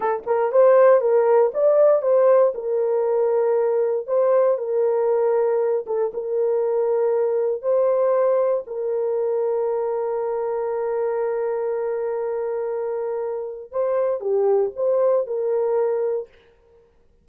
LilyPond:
\new Staff \with { instrumentName = "horn" } { \time 4/4 \tempo 4 = 118 a'8 ais'8 c''4 ais'4 d''4 | c''4 ais'2. | c''4 ais'2~ ais'8 a'8 | ais'2. c''4~ |
c''4 ais'2.~ | ais'1~ | ais'2. c''4 | g'4 c''4 ais'2 | }